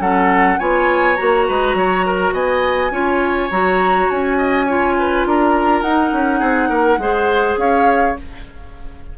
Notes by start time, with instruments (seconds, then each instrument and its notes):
0.00 bassoon F#3, clarinet C#4, oboe A4, flute F#5
0.59 bassoon B3, clarinet F4, oboe C#5, flute G#5
1.16 bassoon A#3, clarinet F#4, flute A#5
1.48 bassoon G#3, oboe B4
1.74 bassoon F#3, oboe C#5
2.06 oboe A#4
2.33 bassoon B3, oboe D#5, flute G#5
2.91 bassoon C#4, clarinet F4, oboe C#5
3.51 bassoon F#3, clarinet F#4, flute A#5
4.10 bassoon C#4, flute G#5
4.38 oboe D#5
4.66 clarinet F4, oboe C#5
4.99 oboe B4
5.26 bassoon D4, oboe A#4, flute A#5
5.82 bassoon D#4, clarinet D#4, flute F#5
6.12 bassoon C#4
6.39 bassoon C4, oboe G#4
6.69 bassoon A#3, oboe A#4
6.98 bassoon G#3, clarinet G#4, oboe C5
7.57 bassoon C#4, oboe C#5, flute F5